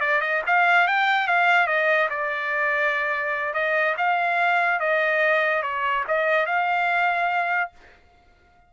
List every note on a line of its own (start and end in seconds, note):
0.00 0.21 D5
0.21 0.42 D#5
0.46 0.87 F5
0.87 1.27 G5
1.27 1.66 F5
1.66 2.08 D#5
2.09 3.53 D5
3.53 3.95 D#5
3.97 4.80 F5
4.80 5.62 D#5
5.62 6.04 C#5
6.07 6.46 D#5
6.46 7.71 F5